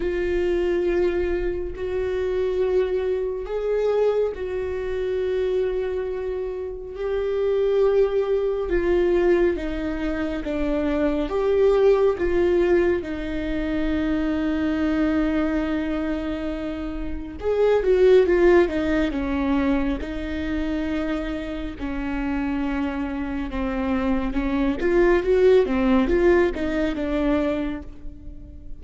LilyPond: \new Staff \with { instrumentName = "viola" } { \time 4/4 \tempo 4 = 69 f'2 fis'2 | gis'4 fis'2. | g'2 f'4 dis'4 | d'4 g'4 f'4 dis'4~ |
dis'1 | gis'8 fis'8 f'8 dis'8 cis'4 dis'4~ | dis'4 cis'2 c'4 | cis'8 f'8 fis'8 c'8 f'8 dis'8 d'4 | }